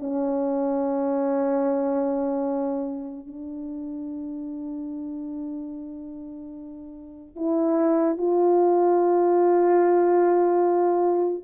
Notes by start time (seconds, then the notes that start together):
0.00 C#4
3.27 D4
7.36 E4
8.18 F4